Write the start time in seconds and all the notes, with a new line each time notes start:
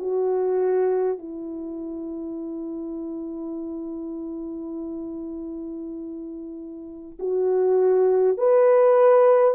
0.00 F#4
1.19 E4
7.20 F#4
8.38 B4